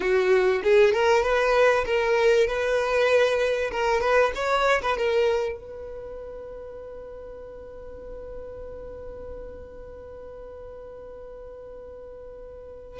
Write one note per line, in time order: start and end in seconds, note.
0.00 0.62 F#4
0.63 0.93 G#4
0.93 1.23 A#4
1.23 1.84 B4
1.85 2.47 A#4
2.47 3.71 B4
3.71 4.00 A#4
4.00 4.32 B4
4.35 4.81 C#5
4.82 4.97 B4
4.97 5.58 A#4
5.58 12.99 B4